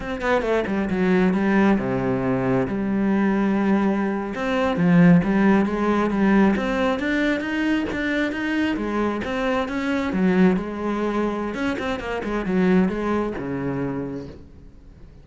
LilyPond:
\new Staff \with { instrumentName = "cello" } { \time 4/4 \tempo 4 = 135 c'8 b8 a8 g8 fis4 g4 | c2 g2~ | g4.~ g16 c'4 f4 g16~ | g8. gis4 g4 c'4 d'16~ |
d'8. dis'4 d'4 dis'4 gis16~ | gis8. c'4 cis'4 fis4 gis16~ | gis2 cis'8 c'8 ais8 gis8 | fis4 gis4 cis2 | }